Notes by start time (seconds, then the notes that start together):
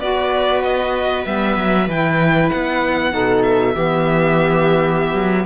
0.00 B3 F#4 B4 D5
0.63 D#5
1.25 G3 B3 E5
1.57 F#3
1.88 E3 E4 G5
2.50 B3 F#5
3.11 B2 D#4 A4
3.43 E5
3.75 E3 B3 G4
5.14 F#3